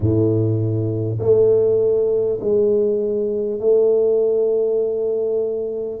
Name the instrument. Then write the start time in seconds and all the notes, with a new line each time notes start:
tuba
0.00 A2
1.19 A3
2.41 G#3
3.59 A3